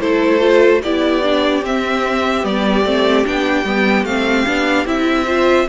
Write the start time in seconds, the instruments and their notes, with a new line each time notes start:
0.00 cello A3, viola E4, violin A4 C5
0.40 viola F4
0.83 cello B3, viola E4, violin G4 D5
1.23 viola D4
1.63 cello C4, viola C4, violin E5
2.42 cello G3, viola B3, violin D5
2.85 cello A3, viola C4
3.25 cello B3, viola D4, violin G5
3.65 cello G3, viola B3
4.04 cello A3, viola C4, violin F5
4.46 cello B3, viola D4
4.85 cello C4, viola E4, violin E5
5.26 viola F4, violin C5